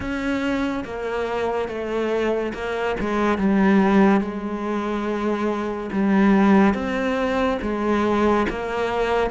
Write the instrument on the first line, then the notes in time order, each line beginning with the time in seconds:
cello
0.00 C#4
0.84 A#3
1.68 A3
2.54 A#3
3.00 G#3
3.38 G3
4.20 G#3
5.92 G3
6.73 C4
7.61 G#3
8.49 A#3